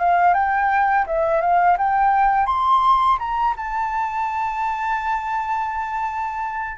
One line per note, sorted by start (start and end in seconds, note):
0.00 0.34 F5
0.34 1.06 G5
1.07 1.42 E5
1.42 1.77 F5
1.78 2.47 G5
2.47 3.18 C6
3.19 3.55 A#5
3.57 6.78 A5